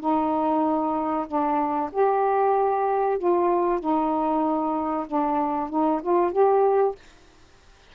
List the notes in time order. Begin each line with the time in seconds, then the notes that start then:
0.00 D#4
1.27 D4
1.92 G4
3.18 F4
3.80 D#4
5.07 D4
5.70 D#4
6.02 F4
6.32 G4